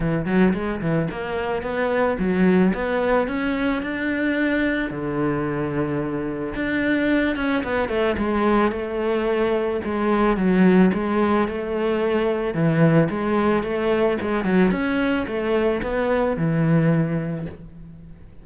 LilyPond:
\new Staff \with { instrumentName = "cello" } { \time 4/4 \tempo 4 = 110 e8 fis8 gis8 e8 ais4 b4 | fis4 b4 cis'4 d'4~ | d'4 d2. | d'4. cis'8 b8 a8 gis4 |
a2 gis4 fis4 | gis4 a2 e4 | gis4 a4 gis8 fis8 cis'4 | a4 b4 e2 | }